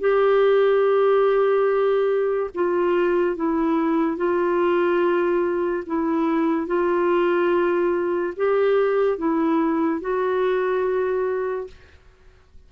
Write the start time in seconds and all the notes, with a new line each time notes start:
0.00 G4
2.54 F4
3.36 E4
4.17 F4
5.86 E4
6.67 F4
8.36 G4
9.18 E4
10.00 F#4